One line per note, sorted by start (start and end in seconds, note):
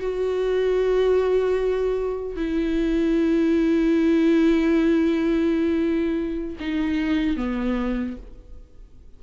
0.00 2.36 F#4
2.36 6.56 E4
6.60 7.36 D#4
7.36 8.16 B3